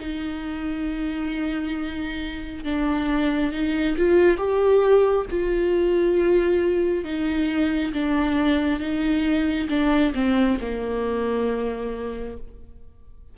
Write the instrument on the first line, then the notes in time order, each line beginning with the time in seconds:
viola
0.00 D#4
2.65 D4
3.53 D#4
3.98 F4
4.38 G4
5.31 F4
7.05 D#4
7.93 D4
8.80 D#4
9.70 D4
10.15 C4
10.61 A#3